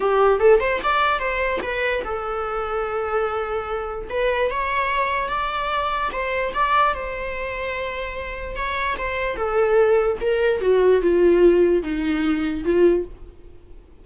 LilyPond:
\new Staff \with { instrumentName = "viola" } { \time 4/4 \tempo 4 = 147 g'4 a'8 c''8 d''4 c''4 | b'4 a'2.~ | a'2 b'4 cis''4~ | cis''4 d''2 c''4 |
d''4 c''2.~ | c''4 cis''4 c''4 a'4~ | a'4 ais'4 fis'4 f'4~ | f'4 dis'2 f'4 | }